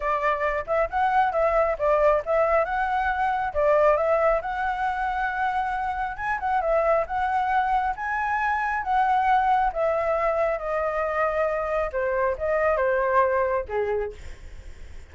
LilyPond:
\new Staff \with { instrumentName = "flute" } { \time 4/4 \tempo 4 = 136 d''4. e''8 fis''4 e''4 | d''4 e''4 fis''2 | d''4 e''4 fis''2~ | fis''2 gis''8 fis''8 e''4 |
fis''2 gis''2 | fis''2 e''2 | dis''2. c''4 | dis''4 c''2 gis'4 | }